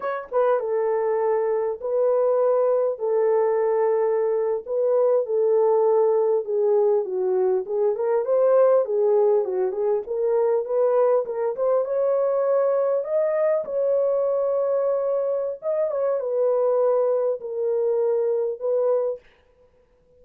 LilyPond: \new Staff \with { instrumentName = "horn" } { \time 4/4 \tempo 4 = 100 cis''8 b'8 a'2 b'4~ | b'4 a'2~ a'8. b'16~ | b'8. a'2 gis'4 fis'16~ | fis'8. gis'8 ais'8 c''4 gis'4 fis'16~ |
fis'16 gis'8 ais'4 b'4 ais'8 c''8 cis''16~ | cis''4.~ cis''16 dis''4 cis''4~ cis''16~ | cis''2 dis''8 cis''8 b'4~ | b'4 ais'2 b'4 | }